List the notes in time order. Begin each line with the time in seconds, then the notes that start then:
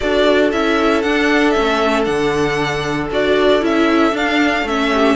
0.00 D4 F#4 A4 D5
0.52 C#4 E4 E5
1.02 D4 F#5
1.51 C#4 E5
1.58 A3
2.04 D3 D4 F#5
3.10 D4 F#4 D5
3.60 C#4 E4 E5
4.12 D4 F5
4.63 A3 C#4 E5
4.92 G4